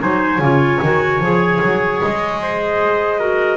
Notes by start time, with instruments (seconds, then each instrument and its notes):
0.00 double bass F#3, clarinet D#4 G#5, trumpet C5
0.39 double bass C#3, clarinet F4, trumpet C#5
0.83 double bass D#3, clarinet F#4
1.20 double bass F3, clarinet G#4
1.62 double bass F#3
2.02 double bass G#3, clarinet D#5
2.42 trumpet C5
3.20 clarinet F#4, trumpet A#4